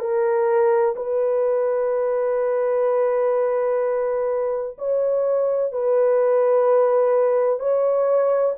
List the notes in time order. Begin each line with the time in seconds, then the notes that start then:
0.00 A#4
0.96 B4
4.78 C#5
5.72 B4
7.60 C#5